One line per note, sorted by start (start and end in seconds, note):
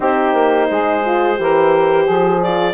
0.00 0.33 C4
0.00 1.03 D#4
0.00 0.68 G4
0.00 2.42 C5
0.33 0.68 A#3
0.70 1.38 G#3
0.70 1.39 G#4
1.05 1.36 F4
1.36 2.07 E3
1.36 2.39 G4
1.36 2.04 A#4
2.04 2.73 F3
2.04 2.73 G#4
2.42 2.73 F4
2.42 2.73 D5